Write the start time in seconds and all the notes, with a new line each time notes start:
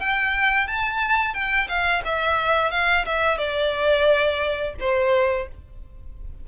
0.00 G5
0.67 A5
1.34 G5
1.68 F5
2.05 E5
2.71 F5
3.05 E5
3.38 D5
4.80 C5